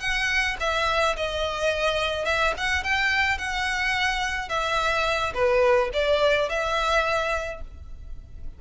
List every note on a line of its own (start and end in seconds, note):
0.00 0.56 F#5
0.60 1.16 E5
1.16 2.25 D#5
2.25 2.53 E5
2.57 2.83 F#5
2.83 3.38 G5
3.38 4.49 F#5
4.49 5.33 E5
5.34 5.90 B4
5.93 6.49 D5
6.49 7.61 E5